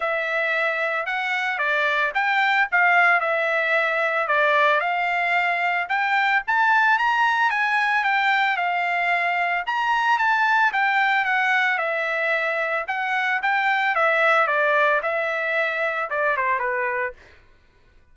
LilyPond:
\new Staff \with { instrumentName = "trumpet" } { \time 4/4 \tempo 4 = 112 e''2 fis''4 d''4 | g''4 f''4 e''2 | d''4 f''2 g''4 | a''4 ais''4 gis''4 g''4 |
f''2 ais''4 a''4 | g''4 fis''4 e''2 | fis''4 g''4 e''4 d''4 | e''2 d''8 c''8 b'4 | }